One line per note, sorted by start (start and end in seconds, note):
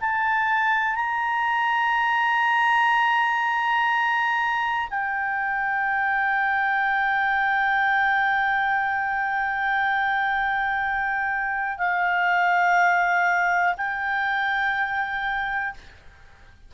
0.00 0.95 A5
0.95 4.88 A#5
4.90 11.78 G5
11.78 13.74 F5
13.77 15.74 G5